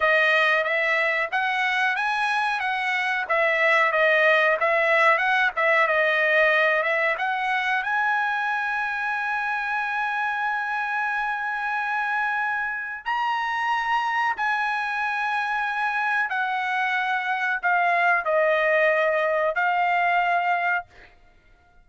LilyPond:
\new Staff \with { instrumentName = "trumpet" } { \time 4/4 \tempo 4 = 92 dis''4 e''4 fis''4 gis''4 | fis''4 e''4 dis''4 e''4 | fis''8 e''8 dis''4. e''8 fis''4 | gis''1~ |
gis''1 | ais''2 gis''2~ | gis''4 fis''2 f''4 | dis''2 f''2 | }